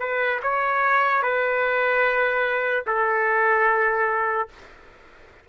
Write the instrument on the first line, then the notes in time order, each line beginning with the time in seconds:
trumpet
0.00 B4
0.43 C#5
1.23 B4
2.87 A4